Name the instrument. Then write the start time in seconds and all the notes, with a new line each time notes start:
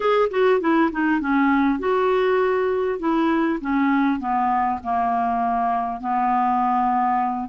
clarinet
0.00 G#4
0.30 F#4
0.60 E4
0.91 D#4
1.20 C#4
1.79 F#4
2.99 E4
3.61 C#4
4.19 B3
4.83 A#3
6.00 B3